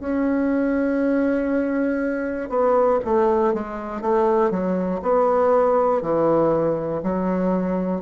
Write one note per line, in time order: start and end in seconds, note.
0.00 2.50 C#4
2.50 3.00 B3
3.05 3.54 A3
3.54 4.01 G#3
4.01 4.50 A3
4.50 5.00 F#3
5.02 6.02 B3
6.02 7.02 E3
7.03 8.01 F#3